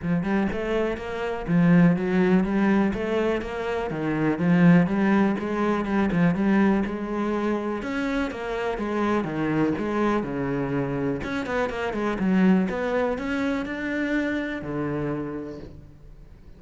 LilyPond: \new Staff \with { instrumentName = "cello" } { \time 4/4 \tempo 4 = 123 f8 g8 a4 ais4 f4 | fis4 g4 a4 ais4 | dis4 f4 g4 gis4 | g8 f8 g4 gis2 |
cis'4 ais4 gis4 dis4 | gis4 cis2 cis'8 b8 | ais8 gis8 fis4 b4 cis'4 | d'2 d2 | }